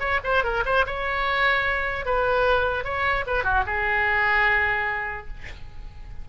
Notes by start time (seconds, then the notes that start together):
0.00 C#5
0.24 C5
0.44 A#4
0.66 C5
0.87 C#5
2.06 B4
2.85 C#5
3.27 B4
3.44 F#4
3.67 G#4